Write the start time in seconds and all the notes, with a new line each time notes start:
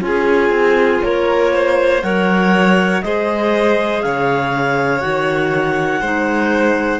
0.00 C#4 F4 G#5
0.06 G#4
0.50 C4
1.02 A#3 A#4 C#5
1.54 C5
2.02 F#3 A#4 C#5 F#5
3.02 G#3 G#4 C5 D#5
4.02 C#3 C#5 F5
4.99 D#3 F#4 F#5
6.00 G#3 D#4 C5